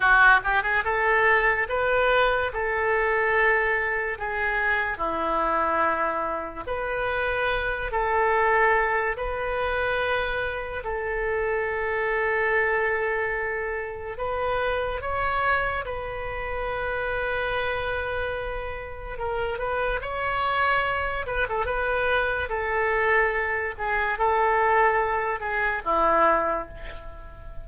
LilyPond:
\new Staff \with { instrumentName = "oboe" } { \time 4/4 \tempo 4 = 72 fis'8 g'16 gis'16 a'4 b'4 a'4~ | a'4 gis'4 e'2 | b'4. a'4. b'4~ | b'4 a'2.~ |
a'4 b'4 cis''4 b'4~ | b'2. ais'8 b'8 | cis''4. b'16 a'16 b'4 a'4~ | a'8 gis'8 a'4. gis'8 e'4 | }